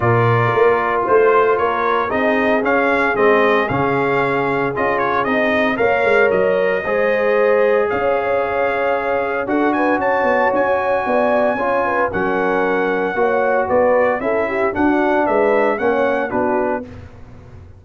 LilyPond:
<<
  \new Staff \with { instrumentName = "trumpet" } { \time 4/4 \tempo 4 = 114 d''2 c''4 cis''4 | dis''4 f''4 dis''4 f''4~ | f''4 dis''8 cis''8 dis''4 f''4 | dis''2. f''4~ |
f''2 fis''8 gis''8 a''4 | gis''2. fis''4~ | fis''2 d''4 e''4 | fis''4 e''4 fis''4 b'4 | }
  \new Staff \with { instrumentName = "horn" } { \time 4/4 ais'2 c''4 ais'4 | gis'1~ | gis'2. cis''4~ | cis''4 c''2 cis''4~ |
cis''2 a'8 b'8 cis''4~ | cis''4 d''4 cis''8 b'8 ais'4~ | ais'4 cis''4 b'4 a'8 g'8 | fis'4 b'4 cis''4 fis'4 | }
  \new Staff \with { instrumentName = "trombone" } { \time 4/4 f'1 | dis'4 cis'4 c'4 cis'4~ | cis'4 f'4 dis'4 ais'4~ | ais'4 gis'2.~ |
gis'2 fis'2~ | fis'2 f'4 cis'4~ | cis'4 fis'2 e'4 | d'2 cis'4 d'4 | }
  \new Staff \with { instrumentName = "tuba" } { \time 4/4 ais,4 ais4 a4 ais4 | c'4 cis'4 gis4 cis4~ | cis4 cis'4 c'4 ais8 gis8 | fis4 gis2 cis'4~ |
cis'2 d'4 cis'8 b8 | cis'4 b4 cis'4 fis4~ | fis4 ais4 b4 cis'4 | d'4 gis4 ais4 b4 | }
>>